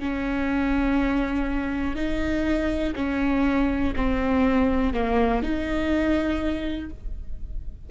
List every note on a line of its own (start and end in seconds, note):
0.00 1.96 C#4
1.96 2.94 D#4
2.96 3.94 C#4
3.97 4.94 C4
4.94 5.43 A#3
5.43 6.90 D#4